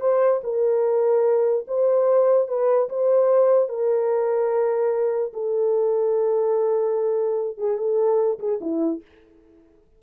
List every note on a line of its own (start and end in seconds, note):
0.00 0.41 C5
0.43 1.66 A#4
1.67 2.48 C5
2.48 2.88 B4
2.89 3.69 C5
3.69 5.32 A#4
5.33 7.57 A4
7.57 7.77 G#4
7.77 8.39 A4
8.39 8.59 G#4
8.60 9.01 E4